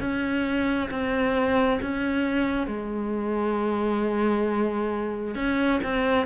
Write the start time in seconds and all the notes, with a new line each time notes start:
0.00 C#4
0.90 C4
1.81 C#4
2.67 G#3
5.35 C#4
5.83 C4